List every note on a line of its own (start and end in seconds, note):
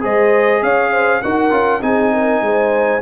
0.00 0.62 G#3
0.00 1.20 G#4
0.00 0.62 C5
0.00 0.62 D#5
0.62 1.22 C#4
0.62 0.92 C#5
0.62 1.22 F5
0.92 1.22 C5
1.22 1.51 D#4
1.22 1.50 F#4
1.22 1.82 A#4
1.22 1.82 F#5
1.50 1.81 C#4
1.50 1.80 F4
1.81 2.41 C4
1.81 3.01 D#4
1.81 2.13 G#4
1.81 3.02 G#5
2.13 2.43 A#4
2.41 3.01 G#3
2.41 3.02 C5